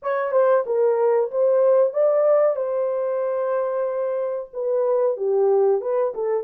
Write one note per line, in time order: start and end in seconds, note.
0.02 0.31 C#5
0.31 0.63 C5
0.66 1.30 A#4
1.31 1.93 C5
1.93 2.56 D5
2.56 4.49 C5
4.53 5.16 B4
5.16 5.81 G4
5.81 6.13 B4
6.14 6.43 A4